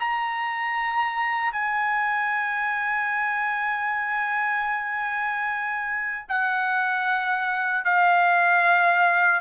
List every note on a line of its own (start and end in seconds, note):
0.00 1.52 A#5
1.52 6.26 G#5
6.29 7.85 F#5
7.85 9.41 F5